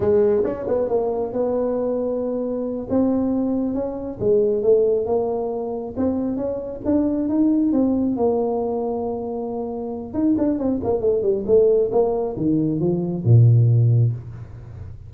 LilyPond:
\new Staff \with { instrumentName = "tuba" } { \time 4/4 \tempo 4 = 136 gis4 cis'8 b8 ais4 b4~ | b2~ b8 c'4.~ | c'8 cis'4 gis4 a4 ais8~ | ais4. c'4 cis'4 d'8~ |
d'8 dis'4 c'4 ais4.~ | ais2. dis'8 d'8 | c'8 ais8 a8 g8 a4 ais4 | dis4 f4 ais,2 | }